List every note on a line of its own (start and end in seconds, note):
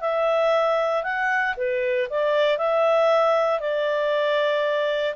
0.00 1.03 E5
1.03 1.55 F#5
1.56 2.08 B4
2.09 2.58 D5
2.58 3.59 E5
3.59 5.15 D5